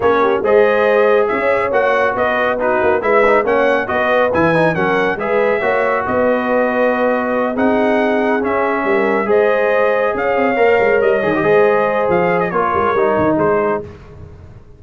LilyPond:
<<
  \new Staff \with { instrumentName = "trumpet" } { \time 4/4 \tempo 4 = 139 cis''4 dis''2 e''4 | fis''4 dis''4 b'4 e''4 | fis''4 dis''4 gis''4 fis''4 | e''2 dis''2~ |
dis''4. fis''2 e''8~ | e''4. dis''2 f''8~ | f''4. dis''2~ dis''8 | f''8. dis''16 cis''2 c''4 | }
  \new Staff \with { instrumentName = "horn" } { \time 4/4 gis'8 g'8 c''2 cis''4~ | cis''4 b'4 fis'4 b'4 | cis''4 b'2 ais'4 | b'4 cis''4 b'2~ |
b'4. gis'2~ gis'8~ | gis'8 ais'4 c''2 cis''8~ | cis''2~ cis''8 c''4.~ | c''4 ais'2 gis'4 | }
  \new Staff \with { instrumentName = "trombone" } { \time 4/4 cis'4 gis'2. | fis'2 dis'4 e'8 dis'8 | cis'4 fis'4 e'8 dis'8 cis'4 | gis'4 fis'2.~ |
fis'4. dis'2 cis'8~ | cis'4. gis'2~ gis'8~ | gis'8 ais'4. gis'16 g'16 gis'4.~ | gis'4 f'4 dis'2 | }
  \new Staff \with { instrumentName = "tuba" } { \time 4/4 ais4 gis2 cis'4 | ais4 b4. ais8 gis4 | ais4 b4 e4 fis4 | gis4 ais4 b2~ |
b4. c'2 cis'8~ | cis'8 g4 gis2 cis'8 | c'8 ais8 gis8 g8 dis8 gis4. | f4 ais8 gis8 g8 dis8 gis4 | }
>>